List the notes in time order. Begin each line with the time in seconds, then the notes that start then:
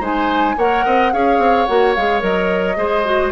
0.00 G#3 D#4 C5 G#5
0.57 A#3 A#4 C#5 F#5
0.85 C4 D#5
1.13 C#4 G#4 C#5 F5
1.38 C4
1.66 A#3 F#4 F#5
1.94 G#3 G#4 F5
2.20 F#3 A#4 D#5
2.76 G#3 G#4 C5
3.04 F#4